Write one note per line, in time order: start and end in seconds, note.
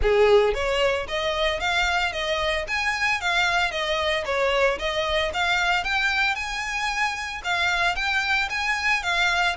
0.01 0.53 G#4
0.53 1.06 C#5
1.08 1.59 D#5
1.59 2.12 F5
2.12 2.65 D#5
2.67 3.21 G#5
3.21 3.71 F5
3.71 4.24 D#5
4.25 4.78 C#5
4.78 5.31 D#5
5.33 5.84 F5
5.84 6.35 G5
6.35 7.41 G#5
7.44 7.95 F5
7.95 8.48 G5
8.49 9.02 G#5
9.02 9.56 F5